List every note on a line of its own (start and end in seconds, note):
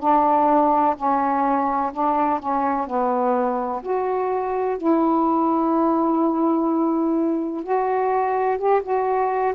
0.00 0.95 D4
0.97 1.92 C#4
1.93 2.39 D4
2.39 2.87 C#4
2.87 3.82 B3
3.83 4.77 F#4
4.77 7.63 E4
7.63 8.58 F#4
8.58 8.82 G4
8.83 9.54 F#4